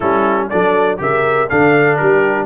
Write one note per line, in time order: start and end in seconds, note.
0.00 0.51 G3
0.00 0.51 C#4
0.00 0.49 E4
0.00 0.48 A4
0.49 1.00 F#3
0.49 0.97 D4
0.49 1.00 A4
0.49 0.99 D5
0.97 1.49 C#3
0.97 1.47 G4
0.97 1.50 A#4
0.97 1.49 E5
1.49 2.01 D3
1.49 2.46 D4
1.49 1.98 A4
1.49 1.97 F5
1.97 2.46 G3
1.97 2.46 G4
1.97 2.46 A#4